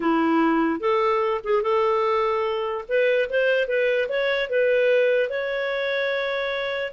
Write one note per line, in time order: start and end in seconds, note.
0.00 0.80 E4
0.80 1.41 A4
1.44 1.62 G#4
1.62 2.85 A4
2.88 3.29 B4
3.29 3.67 C5
3.67 4.08 B4
4.08 4.49 C#5
4.49 5.29 B4
5.29 6.93 C#5